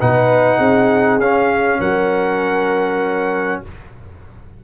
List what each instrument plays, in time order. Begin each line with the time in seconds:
0.00 tuba B2, trombone D#4, horn B4, trumpet F#5
0.58 tuba C4, horn G#4
1.19 tuba C#4, trombone C#4, trumpet F5
1.80 tuba F#3, horn A#4, trumpet F#5